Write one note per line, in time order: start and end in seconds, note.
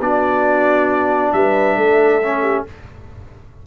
0.00 1.32 B3
0.00 2.22 D4
0.00 1.33 F#4
0.00 1.33 D5
1.33 1.77 G3
1.33 1.77 B4
1.33 2.65 E5
1.77 2.65 A3
1.77 2.42 A4
2.23 2.67 C#4
2.42 2.64 G4